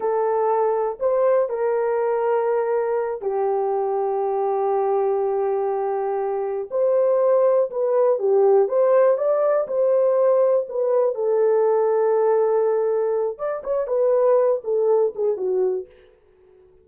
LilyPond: \new Staff \with { instrumentName = "horn" } { \time 4/4 \tempo 4 = 121 a'2 c''4 ais'4~ | ais'2~ ais'8 g'4.~ | g'1~ | g'4. c''2 b'8~ |
b'8 g'4 c''4 d''4 c''8~ | c''4. b'4 a'4.~ | a'2. d''8 cis''8 | b'4. a'4 gis'8 fis'4 | }